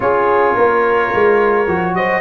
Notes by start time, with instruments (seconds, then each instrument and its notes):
0.00 tuba C#4, trombone F4, horn G#4, trumpet C#5
0.55 tuba A#3, horn A#4
1.14 tuba G#3
1.67 tuba F3, trombone F#4
1.93 tuba F#3, horn C5, trumpet D#5